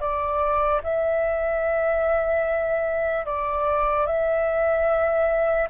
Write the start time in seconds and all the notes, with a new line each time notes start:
0.00 D5
0.83 E5
3.25 D5
4.06 E5